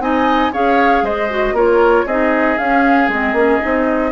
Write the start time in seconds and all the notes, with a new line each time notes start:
0.00 C4 D#4 D#5 G#5
0.53 C#4 G#4 C#5 F5
1.03 G#3 C5 D#5
1.30 F#4
1.53 A#3 F4 A#4 C#5
2.06 C4 D#4 G#4 D#5
2.58 C#4 F5
3.09 G#3 C4 D#5
3.33 A#3 C#4
3.61 C4 D#4